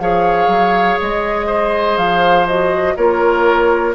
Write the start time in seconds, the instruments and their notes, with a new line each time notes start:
0.00 bassoon F3, clarinet G#4, oboe C#5, flute F5
0.47 bassoon F#3
1.00 bassoon G#3, flute D#5
1.47 oboe C5
1.97 bassoon F3, flute F5
2.47 clarinet F#4, flute D#5
2.97 bassoon A#3, clarinet F4, oboe A#4, flute C#5